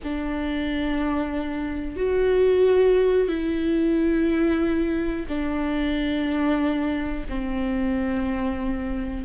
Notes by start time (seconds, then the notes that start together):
0.03 D4
1.96 F#4
3.28 E4
5.28 D4
7.28 C4